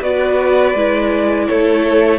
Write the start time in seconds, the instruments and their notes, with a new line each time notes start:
0.00 cello B3, viola F#4, violin B4 D5
0.74 cello G#3, viola E4
1.47 cello A3, violin A4 C#5